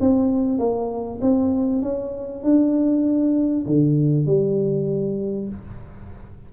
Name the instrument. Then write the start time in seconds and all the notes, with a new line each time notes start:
tuba
0.00 C4
0.58 A#3
1.21 C4
1.82 C#4
2.43 D4
3.66 D3
4.26 G3